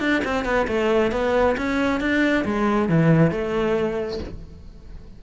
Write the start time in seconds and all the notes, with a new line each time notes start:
0.00 D4
0.25 C4
0.45 B3
0.68 A3
1.12 B3
1.58 C#4
2.00 D4
2.45 G#3
2.89 E3
3.31 A3